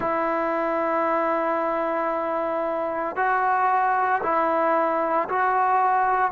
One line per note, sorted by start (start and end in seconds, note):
0.00 3.16 E4
3.16 4.21 F#4
4.22 5.28 E4
5.29 6.31 F#4